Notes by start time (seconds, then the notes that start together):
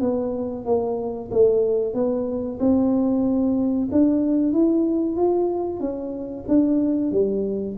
0.00 B3
0.65 A#3
1.31 A3
1.94 B3
2.59 C4
3.91 D4
4.52 E4
5.16 F4
5.80 C#4
6.48 D4
7.11 G3